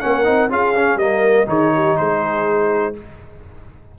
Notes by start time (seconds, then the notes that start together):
0.00 A#3 C#4 A#4 F#5
0.24 C4 D#4
0.49 C#4 F4 G#4 F5
0.76 C#4
0.95 G3 A#3 A#4 D#5
1.46 D#3 D#4 G#4 C#5
1.74 G4
1.97 G#3 G#4 C5